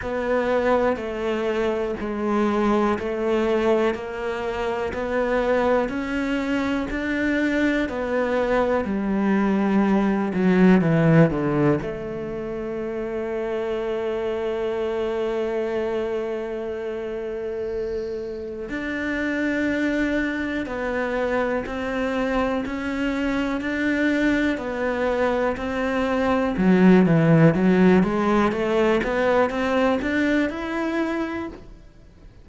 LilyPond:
\new Staff \with { instrumentName = "cello" } { \time 4/4 \tempo 4 = 61 b4 a4 gis4 a4 | ais4 b4 cis'4 d'4 | b4 g4. fis8 e8 d8 | a1~ |
a2. d'4~ | d'4 b4 c'4 cis'4 | d'4 b4 c'4 fis8 e8 | fis8 gis8 a8 b8 c'8 d'8 e'4 | }